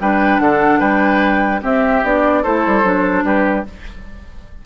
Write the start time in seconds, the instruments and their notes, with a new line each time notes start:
0.00 bassoon G3, clarinet D4, oboe B4, flute G5
0.39 bassoon D3, oboe A4, flute F#5
0.79 bassoon G3, oboe B4, flute G5
1.61 clarinet C4, bassoon C4, oboe G4, flute E5
2.03 bassoon B3, clarinet D4, flute D5
2.42 bassoon A3, clarinet E4, oboe A4, flute C5
2.66 bassoon G3
2.83 bassoon F#3, clarinet D4
3.23 bassoon G3, oboe G4, flute B4